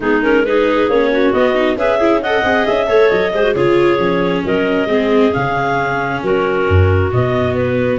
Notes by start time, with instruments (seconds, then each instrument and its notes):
0.00 tuba G#3, viola B3, clarinet D#4 G#4
0.22 viola C#4, clarinet A#4
0.45 viola D#4, clarinet G#4 B4
0.89 tuba A#3, viola C#4, clarinet C#5
1.10 clarinet F#4
1.33 tuba B3, viola B3, clarinet D#5
1.54 viola D#4
1.76 tuba C#4, viola G#4, clarinet B4 E5
1.98 viola E4, clarinet G#4
2.21 viola A4, clarinet D#5 F#5
2.43 tuba C4, viola G#4
2.66 tuba C#4, clarinet E5
2.86 tuba A3, viola A4, clarinet C#5
3.09 tuba F#3, clarinet D#5
3.33 tuba G#3, viola G#4, clarinet C5
3.43 viola F#4
3.54 tuba C#3, viola F4, clarinet G#4 C#5
3.98 tuba F3, viola C#4
4.44 tuba F#3, clarinet A#4 D#5
4.85 tuba G#3, viola C4, clarinet G#4
5.31 tuba C#3, viola C#4, clarinet F5
6.22 tuba F#3, clarinet F#4 A#4
6.68 tuba F#2
7.12 tuba B2, viola B3, clarinet D#5
7.55 clarinet B4